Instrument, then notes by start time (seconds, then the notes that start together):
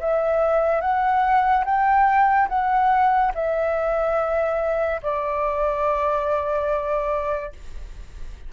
flute
0.00 E5
0.81 F#5
1.65 G5
2.48 F#5
3.34 E5
5.03 D5